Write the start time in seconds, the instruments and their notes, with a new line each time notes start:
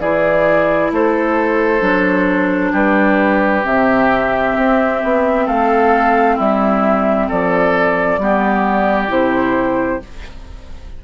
0.00 bassoon E3, clarinet E4, oboe G#4, flute D5
0.91 bassoon A3, oboe A4, flute C5
1.80 bassoon F#3, clarinet D4
2.72 bassoon G3, oboe G4, flute B4
3.63 bassoon C3, clarinet C4, flute E5
4.57 bassoon C4
5.04 bassoon B3
5.46 bassoon A3, oboe A4, flute F5
6.36 bassoon G3, oboe E4, flute E5
7.29 bassoon F3, oboe A4, flute D5
8.18 bassoon G3, clarinet B3, oboe G4
9.08 bassoon C3, clarinet E4, flute C5